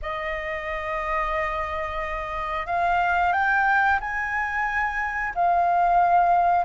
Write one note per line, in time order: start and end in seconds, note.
0.02 2.66 D#5
2.66 3.32 F5
3.32 3.99 G5
4.00 5.33 G#5
5.35 6.65 F5